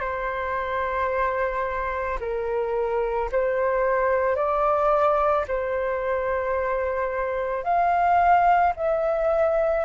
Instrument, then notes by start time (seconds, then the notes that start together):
flute
0.00 C5
2.20 A#4
3.31 C5
4.35 D5
5.47 C5
7.64 F5
8.76 E5